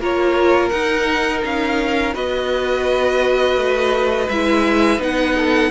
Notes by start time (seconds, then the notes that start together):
0.00 A#3 F4 A#4 C#5
0.69 D#4 F#5
1.44 C#4 F5
2.14 B3 F#4 B4 D#5
3.57 A3
4.29 G#3 E4 E5
4.98 B3 D#4 F#5
5.37 A4